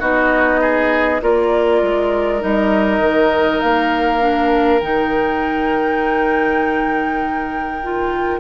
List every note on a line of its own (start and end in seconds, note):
0.00 1.21 B3
0.00 1.21 D#4
0.00 0.60 F#4
0.00 1.21 D#5
0.62 1.22 G#4
1.21 1.82 A#3
1.21 2.40 F4
1.21 8.40 A#4
1.21 2.42 D5
1.83 2.43 G#3
2.40 2.99 G3
2.40 4.20 D#4
2.40 3.60 D#5
2.99 3.59 D#3
3.60 4.82 A#3
3.60 4.80 F5
4.20 4.80 D4
4.80 8.40 D#3
4.80 7.83 D#4
4.80 8.40 G5
7.83 8.40 F4